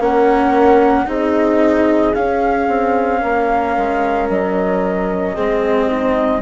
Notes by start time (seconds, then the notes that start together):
0.00 A#3 C#4 A#4 F#5
1.05 C4 D#4 G#4 D#5
2.14 C#4 F5
2.68 C4
3.21 A#3 A#4
3.77 G#3
4.29 F#3 D#5
5.35 G#3 C4 G#4
5.88 D#4